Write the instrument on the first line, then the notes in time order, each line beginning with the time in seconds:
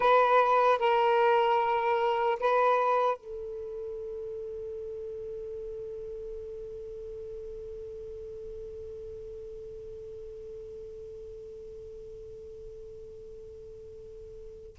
saxophone
0.00 B4
0.78 A#4
2.39 B4
3.17 A4